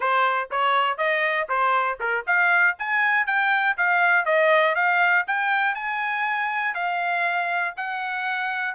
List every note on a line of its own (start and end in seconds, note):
0.00 0.49 C5
0.50 0.97 C#5
0.97 1.47 D#5
1.48 1.98 C5
2.00 2.25 A#4
2.26 2.76 F5
2.78 3.26 G#5
3.26 3.76 G5
3.77 4.25 F5
4.25 4.75 D#5
4.75 5.25 F5
5.27 5.74 G5
5.74 6.74 G#5
6.74 7.74 F5
7.77 8.74 F#5